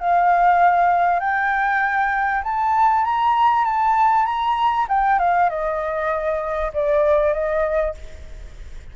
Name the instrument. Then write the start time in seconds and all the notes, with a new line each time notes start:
flute
0.00 F5
1.20 G5
2.43 A5
3.04 A#5
3.65 A5
4.26 A#5
4.89 G5
5.19 F5
5.49 D#5
6.73 D5
7.33 D#5